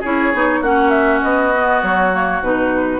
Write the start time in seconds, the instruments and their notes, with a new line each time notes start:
0.00 bassoon C#4, clarinet E4, oboe G#4, flute C#5
0.34 bassoon B3, clarinet D#4
0.61 bassoon A#3, clarinet C#4, oboe F#4, flute F#5
0.90 flute E5
1.22 bassoon B3, flute D#5
1.57 clarinet B3
1.82 bassoon F#3, flute C#5
2.12 clarinet A#3
2.41 bassoon B2, clarinet D#4, flute B4